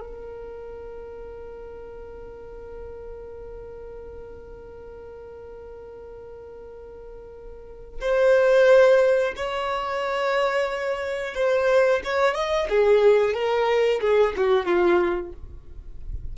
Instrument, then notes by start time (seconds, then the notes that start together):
violin
0.00 A#4
8.00 C5
9.36 C#5
11.35 C5
12.04 C#5
12.35 D#5
12.69 G#4
13.33 A#4
14.01 G#4
14.36 F#4
14.65 F4